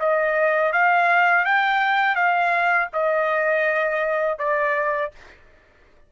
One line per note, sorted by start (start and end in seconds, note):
0.00 0.73 D#5
0.73 1.45 F5
1.45 2.15 G5
2.15 2.88 F5
2.93 4.39 D#5
4.39 5.12 D5